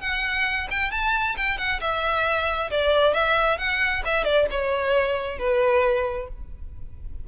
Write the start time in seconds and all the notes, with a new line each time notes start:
0.00 F#5
0.70 G5
0.91 A5
1.37 G5
1.58 F#5
1.80 E5
2.70 D5
3.13 E5
3.58 F#5
4.05 E5
4.24 D5
4.50 C#5
5.38 B4